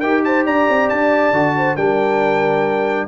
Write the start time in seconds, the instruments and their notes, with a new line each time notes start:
0.00 tuba D#4, trombone G4, horn A#4, trumpet G5
0.24 horn C5, trumpet A5
0.46 tuba D4, horn D5, trumpet A#5
0.69 tuba C4
0.89 tuba D4, trumpet A5
1.32 tuba D3, trombone F#4
1.57 horn C5
1.76 tuba G3, trombone D4, horn A#4, trumpet G5